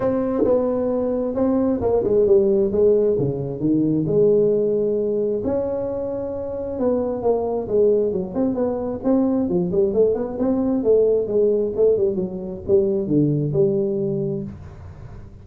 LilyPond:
\new Staff \with { instrumentName = "tuba" } { \time 4/4 \tempo 4 = 133 c'4 b2 c'4 | ais8 gis8 g4 gis4 cis4 | dis4 gis2. | cis'2. b4 |
ais4 gis4 fis8 c'8 b4 | c'4 f8 g8 a8 b8 c'4 | a4 gis4 a8 g8 fis4 | g4 d4 g2 | }